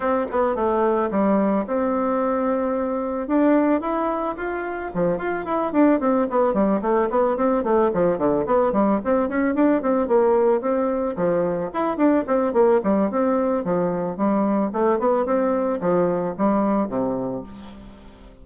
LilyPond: \new Staff \with { instrumentName = "bassoon" } { \time 4/4 \tempo 4 = 110 c'8 b8 a4 g4 c'4~ | c'2 d'4 e'4 | f'4 f8 f'8 e'8 d'8 c'8 b8 | g8 a8 b8 c'8 a8 f8 d8 b8 |
g8 c'8 cis'8 d'8 c'8 ais4 c'8~ | c'8 f4 e'8 d'8 c'8 ais8 g8 | c'4 f4 g4 a8 b8 | c'4 f4 g4 c4 | }